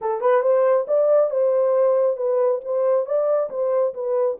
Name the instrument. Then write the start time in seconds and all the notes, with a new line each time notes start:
horn
0.01 A4
0.21 B4
0.42 C5
0.87 D5
1.30 C5
2.16 B4
2.64 C5
3.06 D5
3.49 C5
3.94 B4